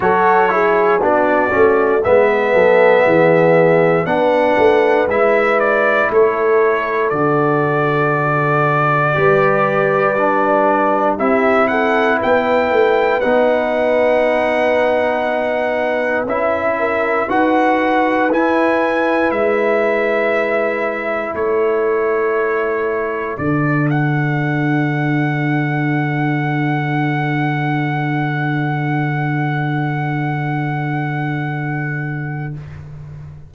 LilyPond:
<<
  \new Staff \with { instrumentName = "trumpet" } { \time 4/4 \tempo 4 = 59 cis''4 d''4 e''2 | fis''4 e''8 d''8 cis''4 d''4~ | d''2. e''8 fis''8 | g''4 fis''2. |
e''4 fis''4 gis''4 e''4~ | e''4 cis''2 d''8 fis''8~ | fis''1~ | fis''1 | }
  \new Staff \with { instrumentName = "horn" } { \time 4/4 a'8 gis'8 fis'4 b'8 a'8 gis'4 | b'2 a'2~ | a'4 b'2 g'8 a'8 | b'1~ |
b'8 ais'8 b'2.~ | b'4 a'2.~ | a'1~ | a'1 | }
  \new Staff \with { instrumentName = "trombone" } { \time 4/4 fis'8 e'8 d'8 cis'8 b2 | d'4 e'2 fis'4~ | fis'4 g'4 d'4 e'4~ | e'4 dis'2. |
e'4 fis'4 e'2~ | e'2. d'4~ | d'1~ | d'1 | }
  \new Staff \with { instrumentName = "tuba" } { \time 4/4 fis4 b8 a8 gis8 fis8 e4 | b8 a8 gis4 a4 d4~ | d4 g2 c'4 | b8 a8 b2. |
cis'4 dis'4 e'4 gis4~ | gis4 a2 d4~ | d1~ | d1 | }
>>